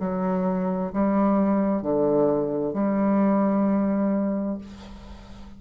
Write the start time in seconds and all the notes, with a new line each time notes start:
0.00 F#3
0.94 G3
1.83 D3
2.74 G3